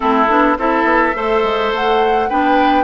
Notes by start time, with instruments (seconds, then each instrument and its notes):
0.00 bassoon A3, clarinet C4, oboe E4, flute A4
0.28 bassoon B3, clarinet D4
0.58 bassoon C4, clarinet E4, oboe A4, flute E5
0.83 bassoon B3
1.14 bassoon A3, clarinet A4, oboe C5
1.43 bassoon G#3
1.72 bassoon A3, flute F#5
2.29 bassoon B3, clarinet D4, oboe B4, flute G5